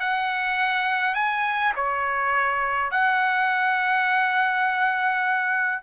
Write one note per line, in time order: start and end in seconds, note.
0.00 1.15 F#5
1.15 1.73 G#5
1.76 2.92 C#5
2.92 5.83 F#5